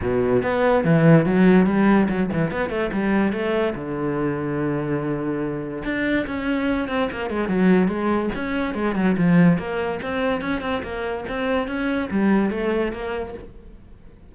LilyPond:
\new Staff \with { instrumentName = "cello" } { \time 4/4 \tempo 4 = 144 b,4 b4 e4 fis4 | g4 fis8 e8 b8 a8 g4 | a4 d2.~ | d2 d'4 cis'4~ |
cis'8 c'8 ais8 gis8 fis4 gis4 | cis'4 gis8 fis8 f4 ais4 | c'4 cis'8 c'8 ais4 c'4 | cis'4 g4 a4 ais4 | }